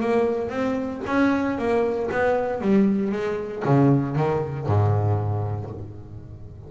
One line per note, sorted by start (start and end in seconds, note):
0.00 0.49 A#3
0.49 1.01 C4
1.07 1.58 C#4
1.58 2.10 A#3
2.11 2.61 B3
2.61 3.12 G3
3.12 3.63 G#3
3.64 4.16 C#3
4.16 4.67 D#3
4.67 5.70 G#2